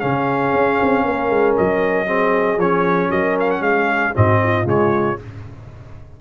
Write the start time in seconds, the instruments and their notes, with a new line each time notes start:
0.00 tuba C#3, trombone C#4, horn G#4, trumpet F5
0.53 tuba C#4
0.82 tuba C4
1.04 tuba A#3, horn A#4
1.30 tuba G#3
1.57 tuba F#3, trumpet D#5
2.06 trombone C4, horn G#4
2.57 tuba F3, trombone C#4, trumpet C#5
3.11 tuba F#3, horn A#4, trumpet D#5
3.40 trumpet F5
3.50 trumpet F#5
3.60 tuba G#3, horn G#4, trumpet F5
4.14 tuba G#2, trombone C4, horn F#4, trumpet D#5
4.43 horn F4
4.65 tuba C#3, trombone G#3, trumpet C#5